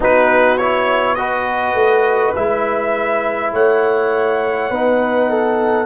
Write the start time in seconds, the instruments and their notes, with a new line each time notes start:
0.00 tuba B3, trombone D#4, horn F#4, trumpet B4
0.57 trombone E4, trumpet C#5
1.14 trombone F#4, horn B4, trumpet D#5
1.73 tuba A3
2.35 tuba G#3, trombone E4, trumpet E5
3.52 tuba A3, horn C#5, trumpet F#5
4.70 tuba B3, trombone D#4, horn B4
5.29 horn A4